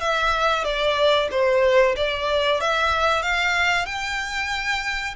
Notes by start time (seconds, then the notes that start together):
0.00 E5
0.64 D5
1.31 C5
1.96 D5
2.60 E5
3.22 F5
3.86 G5